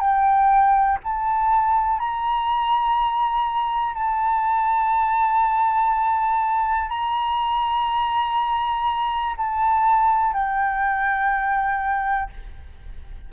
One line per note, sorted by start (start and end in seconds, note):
0.00 0.98 G5
1.03 1.99 A5
1.99 3.94 A#5
3.94 6.89 A5
6.89 9.35 A#5
9.37 10.33 A5
10.33 12.30 G5